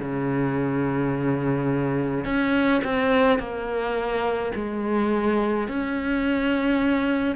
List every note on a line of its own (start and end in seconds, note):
0.00 2.25 C#3
2.25 2.81 C#4
2.84 3.39 C4
3.39 4.52 A#3
4.55 5.68 G#3
5.68 7.36 C#4